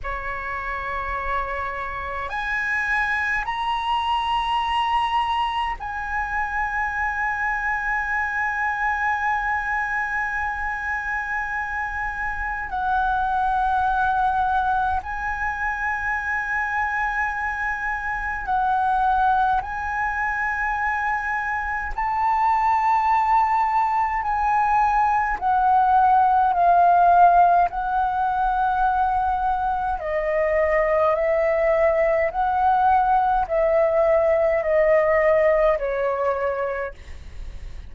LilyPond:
\new Staff \with { instrumentName = "flute" } { \time 4/4 \tempo 4 = 52 cis''2 gis''4 ais''4~ | ais''4 gis''2.~ | gis''2. fis''4~ | fis''4 gis''2. |
fis''4 gis''2 a''4~ | a''4 gis''4 fis''4 f''4 | fis''2 dis''4 e''4 | fis''4 e''4 dis''4 cis''4 | }